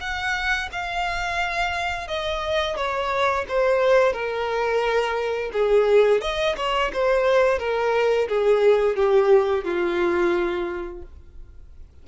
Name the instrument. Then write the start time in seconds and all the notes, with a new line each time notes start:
violin
0.00 F#5
0.71 F5
2.08 D#5
2.76 C#5
3.48 C5
4.13 A#4
5.53 G#4
6.21 D#5
6.57 C#5
6.93 C5
7.59 A#4
8.28 G#4
8.96 G4
9.64 F4